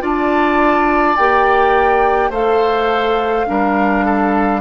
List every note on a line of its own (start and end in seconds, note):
0.00 1.17 D4
0.00 1.15 F4
0.00 2.30 D5
0.00 1.16 A5
1.16 2.30 A#3
1.16 2.32 G4
1.16 2.31 G5
2.30 3.45 A3
2.30 3.46 A4
2.30 3.45 C5
2.30 4.60 F5
3.46 4.60 G3
3.46 4.60 D4
3.46 4.05 A#4
4.05 4.60 A4